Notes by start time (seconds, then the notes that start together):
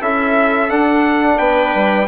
0.00 C#4 E4 A4 E5
0.70 D4 F#5
1.39 B3 B4 G5
1.75 G3